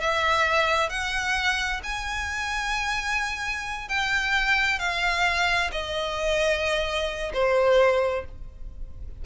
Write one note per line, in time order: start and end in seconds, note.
0.00 0.89 E5
0.89 1.81 F#5
1.83 3.88 G#5
3.88 4.79 G5
4.79 5.70 F5
5.71 7.32 D#5
7.33 8.25 C5